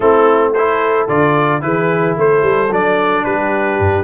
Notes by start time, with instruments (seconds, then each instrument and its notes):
0.00 tuba A3, trombone C4, horn E4, trumpet A4
0.53 trombone E4, horn A4, trumpet C5
1.08 tuba D3, trombone F4, trumpet D5
1.60 tuba E3, trombone E4, horn G#4, trumpet B4
2.16 tuba A3, horn A4, trumpet C5
2.42 tuba G3
2.70 tuba F#3, trombone D4, trumpet D5
3.24 tuba G3, horn G4, trumpet B4
3.79 tuba G2